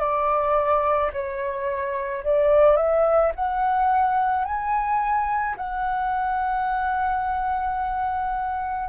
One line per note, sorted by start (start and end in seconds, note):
0.00 1.11 D5
1.13 2.24 C#5
2.24 2.76 D5
2.76 3.32 E5
3.35 4.45 F#5
4.45 5.56 G#5
5.57 8.89 F#5